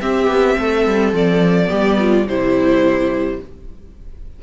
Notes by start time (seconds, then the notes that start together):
0.00 C4 G4 E5
0.27 B3
0.58 A3 A4
0.86 G3
1.12 F3 D5
1.66 G3 B3 G4
1.99 F4
2.25 C3 G3 E4 C5